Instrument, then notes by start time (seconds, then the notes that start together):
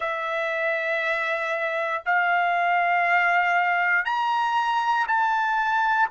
trumpet
0.00 E5
2.05 F5
4.04 A#5
5.07 A5